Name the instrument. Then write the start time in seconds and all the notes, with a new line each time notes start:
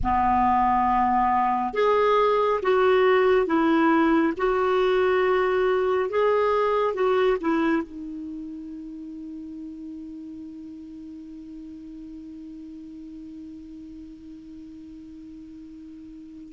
clarinet
0.03 B3
1.73 G#4
2.62 F#4
3.46 E4
4.37 F#4
6.09 G#4
6.94 F#4
7.40 E4
7.82 D#4